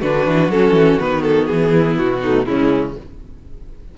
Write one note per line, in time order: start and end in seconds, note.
0.00 0.26 D3
0.00 0.51 D4
0.00 1.70 F#4
0.00 0.50 B4
0.26 0.49 E3
0.49 0.71 F#3
0.49 1.00 C#4
0.49 1.00 A4
0.71 0.96 E3
1.00 1.49 D#3
1.00 2.23 B3
1.00 1.22 B4
1.22 1.47 A4
1.47 1.98 E3
1.47 1.96 G#4
1.70 2.20 E4
1.98 2.47 B2
1.98 2.45 F#4
2.21 2.46 A3
2.21 2.46 D#4
2.45 2.96 C#3
2.45 2.95 G#3
2.45 2.98 C#4
2.45 2.94 E4